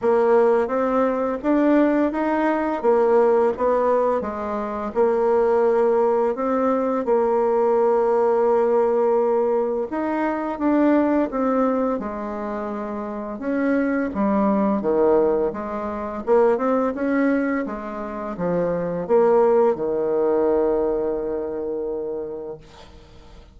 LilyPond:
\new Staff \with { instrumentName = "bassoon" } { \time 4/4 \tempo 4 = 85 ais4 c'4 d'4 dis'4 | ais4 b4 gis4 ais4~ | ais4 c'4 ais2~ | ais2 dis'4 d'4 |
c'4 gis2 cis'4 | g4 dis4 gis4 ais8 c'8 | cis'4 gis4 f4 ais4 | dis1 | }